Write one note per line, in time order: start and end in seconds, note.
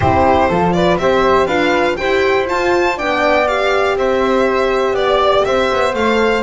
0.00 0.50 C4
0.00 0.51 E4
0.00 0.48 G4
0.00 0.72 C5
0.48 0.97 F3
0.48 0.99 F4
0.48 0.73 A4
0.72 1.00 B4
0.72 0.97 D5
0.97 1.46 C4
0.97 1.48 G4
0.97 1.46 C5
0.97 1.46 E5
1.46 1.96 D4
1.46 1.98 F4
1.46 1.96 B4
1.46 1.96 F5
1.96 2.50 E4
1.96 2.46 G4
1.96 2.97 C5
1.96 2.46 G5
2.46 2.96 F4
2.46 3.00 F4
2.46 2.98 A5
2.97 3.95 B3
2.97 3.47 D4
2.97 3.96 D5
2.97 3.47 G5
3.47 5.94 G4
3.47 3.97 F5
3.95 4.92 C4
3.95 4.94 C5
3.95 4.95 E5
4.92 5.42 B3
4.92 5.43 D5
4.92 5.44 D5
5.44 5.71 C4
5.44 6.42 C5
5.44 5.94 E5
5.72 5.94 B3
5.94 6.42 A3
5.94 6.42 A4
5.94 6.42 F5